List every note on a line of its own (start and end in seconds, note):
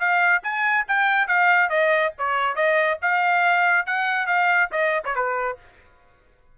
0.00 0.43 F5
0.43 0.86 G#5
0.88 1.28 G5
1.28 1.70 F5
1.70 2.13 D#5
2.19 2.56 C#5
2.56 2.99 D#5
3.02 3.87 F5
3.87 4.27 F#5
4.27 4.70 F5
4.72 5.04 D#5
5.05 5.16 C#5
5.16 5.59 B4